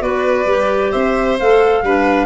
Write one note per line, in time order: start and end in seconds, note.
0.00 0.46 B3
0.00 0.45 F#4
0.00 0.91 B4
0.00 0.92 D5
0.46 0.91 G3
0.46 1.39 G4
0.91 1.40 C4
0.91 1.82 C5
0.91 1.37 E5
1.39 1.83 A3
1.39 1.85 A4
1.39 2.26 F5
1.83 2.26 G3
1.83 2.26 D4
1.83 2.26 B4